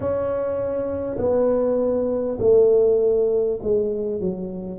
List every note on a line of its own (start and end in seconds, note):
0.00 1.17 C#4
1.17 2.37 B3
2.39 3.59 A3
3.62 4.20 G#3
4.20 4.78 F#3